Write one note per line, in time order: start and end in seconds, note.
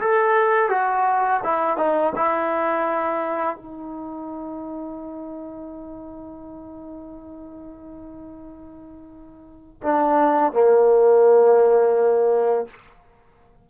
0.00 0.69 A4
0.69 1.40 F#4
1.43 1.77 E4
1.77 2.13 D#4
2.15 3.56 E4
3.56 9.81 D#4
9.83 10.53 D4
10.53 12.67 A#3